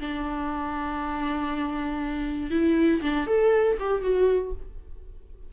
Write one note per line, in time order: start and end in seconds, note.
0.00 2.51 D4
2.51 3.01 E4
3.01 3.27 D4
3.27 3.77 A4
3.80 4.02 G4
4.02 4.52 F#4